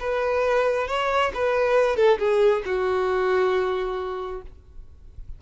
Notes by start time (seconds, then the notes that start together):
0.00 B4
0.88 C#5
1.34 B4
1.97 A4
2.19 G#4
2.66 F#4